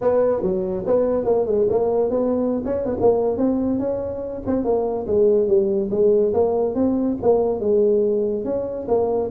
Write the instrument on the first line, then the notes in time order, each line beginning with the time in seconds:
tuba
0.01 B3
0.42 F#3
0.86 B3
1.25 A#3
1.46 G#3
1.69 A#3
2.10 B3
2.65 C#4
2.85 B3
3.00 A#3
3.37 C4
3.79 C#4
4.46 C4
4.64 A#3
5.06 G#3
5.47 G3
5.90 G#3
6.33 A#3
6.75 C4
7.22 A#3
7.60 G#3
8.44 C#4
8.88 A#3